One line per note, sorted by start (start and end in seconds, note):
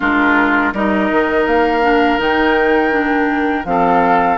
0.00 0.73 G#3
0.00 0.73 D4
0.00 0.73 F4
0.00 0.74 A#4
0.73 1.09 G3
0.73 1.82 D#4
0.73 3.66 A#4
0.73 1.46 D#5
1.11 1.46 D#3
1.46 2.19 A#3
1.46 2.20 F5
1.82 2.18 D4
2.18 3.64 D#3
2.18 2.91 D#4
2.18 3.65 G5
2.91 3.64 D4
3.64 4.37 F3
3.64 4.37 C4
3.64 4.37 A4
3.64 4.37 F5